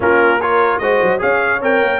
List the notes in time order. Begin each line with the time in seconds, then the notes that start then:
0.00 A#3 C#4 F4 A#4
0.40 F4 A#4 C#5
0.78 G#3 F#4 C5 D#5
1.01 F#3
1.18 C#4 G#4 C#5 F5
1.61 C4 A#4 G5
1.82 A#3